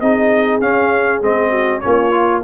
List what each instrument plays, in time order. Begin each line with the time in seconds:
0.00 tuba C4, trombone D#4, horn G#4, trumpet D#5
0.61 tuba C#4, trombone C#4, trumpet F5
1.21 tuba G#3, trombone C4, trumpet D#5
1.49 horn F#4
1.80 tuba A#3, trombone C#4, horn F4, trumpet C#5
2.11 trombone F4